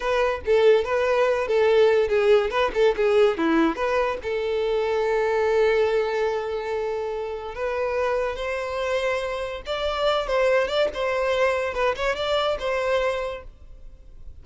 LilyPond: \new Staff \with { instrumentName = "violin" } { \time 4/4 \tempo 4 = 143 b'4 a'4 b'4. a'8~ | a'4 gis'4 b'8 a'8 gis'4 | e'4 b'4 a'2~ | a'1~ |
a'2 b'2 | c''2. d''4~ | d''8 c''4 d''8 c''2 | b'8 cis''8 d''4 c''2 | }